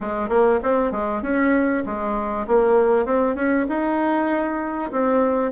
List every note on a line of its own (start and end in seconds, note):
0.00 0.28 G#3
0.28 0.59 A#3
0.62 0.91 C4
0.91 1.22 G#3
1.22 1.83 C#4
1.85 2.46 G#3
2.47 3.05 A#3
3.05 3.35 C4
3.35 3.66 C#4
3.68 4.91 D#4
4.91 5.51 C4